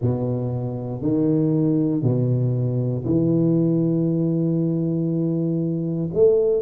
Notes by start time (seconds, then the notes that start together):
0.01 B2
1.01 D#3
2.02 B2
3.04 E3
6.13 A3